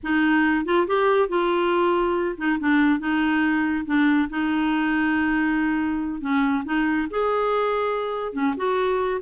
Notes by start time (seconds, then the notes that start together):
0.03 D#4
0.65 F4
0.87 G4
1.28 F4
2.37 D#4
2.59 D4
2.99 D#4
3.85 D4
4.29 D#4
6.20 C#4
6.64 D#4
7.10 G#4
8.33 C#4
8.57 F#4